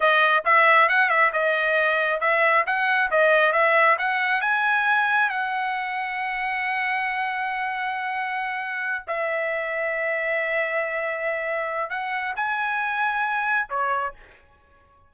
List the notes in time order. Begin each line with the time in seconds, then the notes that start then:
0.00 D#5
0.45 E5
0.88 F#5
1.09 E5
1.32 D#5
2.20 E5
2.66 F#5
3.10 D#5
3.52 E5
3.98 F#5
4.41 G#5
5.29 F#5
9.07 E5
11.90 F#5
12.35 G#5
13.69 C#5